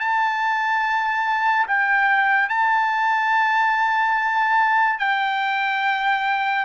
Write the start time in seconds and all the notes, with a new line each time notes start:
0.00 A5
1.68 G5
2.50 A5
5.00 G5